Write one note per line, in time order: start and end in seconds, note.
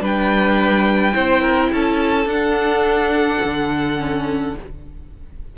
0.00 1.14 G3
0.00 1.12 D4
0.00 1.14 B4
0.00 1.72 G5
1.12 1.72 C4
1.12 2.26 E4
1.12 1.42 C5
1.42 1.70 A#4
1.72 2.26 C#4
1.72 4.56 A4
1.72 2.29 A5
2.26 3.39 D4
2.26 4.56 F#5
2.32 3.98 D4
3.44 4.58 D3
3.98 4.54 C#4